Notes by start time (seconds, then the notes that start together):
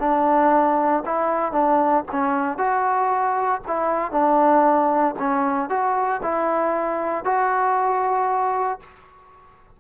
0.00 D4
1.05 E4
1.52 D4
2.12 C#4
2.58 F#4
3.67 E4
4.12 D4
5.19 C#4
5.70 F#4
6.23 E4
7.25 F#4